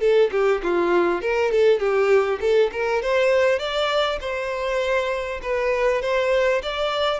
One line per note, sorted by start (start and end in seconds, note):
0.00 0.30 A4
0.31 0.61 G4
0.63 1.21 F4
1.21 1.51 A#4
1.51 1.79 A4
1.79 2.39 G4
2.41 2.71 A4
2.72 3.02 A#4
3.02 3.59 C5
3.59 4.19 D5
4.21 5.41 C5
5.42 6.02 B4
6.02 6.62 C5
6.62 7.20 D5